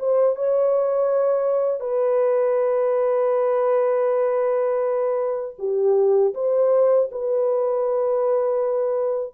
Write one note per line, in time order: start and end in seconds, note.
0.00 0.36 C5
0.36 1.81 C#5
1.81 5.56 B4
5.59 6.34 G4
6.35 7.10 C5
7.12 9.34 B4